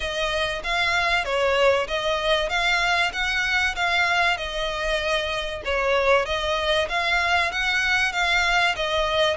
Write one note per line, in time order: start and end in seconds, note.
0.00 0.62 D#5
0.63 1.24 F5
1.24 1.87 C#5
1.87 2.49 D#5
2.49 3.11 F5
3.12 3.75 F#5
3.75 4.37 F5
4.37 5.62 D#5
5.64 6.25 C#5
6.25 6.88 D#5
6.89 7.51 F5
7.51 8.12 F#5
8.12 8.75 F5
8.76 9.36 D#5